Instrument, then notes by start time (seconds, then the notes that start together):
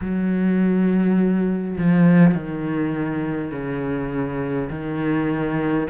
cello
0.01 F#3
1.78 F3
2.34 D#3
3.51 C#3
4.70 D#3